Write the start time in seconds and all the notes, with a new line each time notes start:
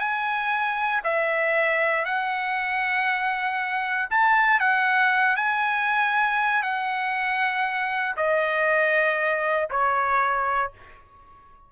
0.00 G#5
1.04 E5
2.05 F#5
4.10 A5
4.60 F#5
5.36 G#5
6.63 F#5
8.17 D#5
9.70 C#5